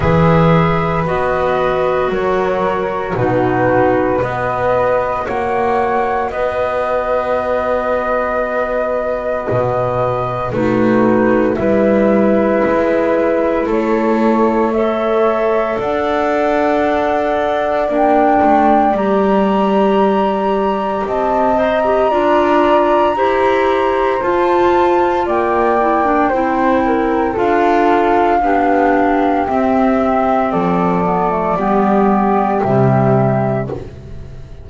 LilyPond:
<<
  \new Staff \with { instrumentName = "flute" } { \time 4/4 \tempo 4 = 57 e''4 dis''4 cis''4 b'4 | dis''4 fis''4 dis''2~ | dis''2 b'4 e''4~ | e''4 cis''4 e''4 fis''4~ |
fis''4 g''4 ais''2 | a''8 ais''2~ ais''8 a''4 | g''2 f''2 | e''4 d''2 e''4 | }
  \new Staff \with { instrumentName = "flute" } { \time 4/4 b'2 ais'4 fis'4 | b'4 cis''4 b'2~ | b'2 fis'4 b'4~ | b'4 a'4 cis''4 d''4~ |
d''1 | dis''4 d''4 c''2 | d''4 c''8 ais'8 a'4 g'4~ | g'4 a'4 g'2 | }
  \new Staff \with { instrumentName = "clarinet" } { \time 4/4 gis'4 fis'2 dis'4 | fis'1~ | fis'2 dis'4 e'4~ | e'2 a'2~ |
a'4 d'4 g'2~ | g'8 c''16 g'16 f'4 g'4 f'4~ | f'8 e'16 d'16 e'4 f'4 d'4 | c'4. b16 a16 b4 g4 | }
  \new Staff \with { instrumentName = "double bass" } { \time 4/4 e4 b4 fis4 b,4 | b4 ais4 b2~ | b4 b,4 a4 g4 | gis4 a2 d'4~ |
d'4 ais8 a8 g2 | c'4 d'4 e'4 f'4 | ais4 c'4 d'4 b4 | c'4 f4 g4 c4 | }
>>